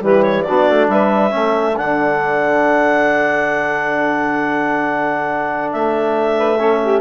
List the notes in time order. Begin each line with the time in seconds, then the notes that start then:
0.00 E3 G3 G4 B4
0.23 C#5
0.43 F#4 D5
0.49 B3 D4
0.70 A3
0.88 G3 B4 E5
1.30 A3 C#4 A4
1.76 D3 D4 F#5
5.72 A3 E5
6.38 B4
6.59 C#4 A4
6.82 G4